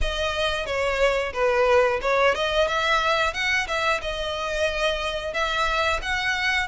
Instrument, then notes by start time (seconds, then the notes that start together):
violin
0.01 D#5
0.65 C#5
1.33 B4
2.01 C#5
2.35 D#5
2.67 E5
3.33 F#5
3.67 E5
4.01 D#5
5.33 E5
6.02 F#5